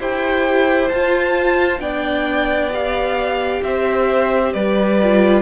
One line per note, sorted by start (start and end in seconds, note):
0.00 0.91 E4
0.00 0.91 G4
0.00 1.81 C5
0.00 0.88 G5
0.88 1.79 F4
0.88 1.80 F4
0.88 1.79 A5
1.79 3.61 B3
1.79 2.70 D4
1.79 3.62 D5
1.79 2.71 G5
2.72 4.99 G4
2.72 3.63 F5
3.63 4.54 C4
3.63 4.53 C5
3.63 4.53 E5
4.53 5.42 G3
4.53 5.42 B4
4.53 5.42 D5
5.02 5.42 F4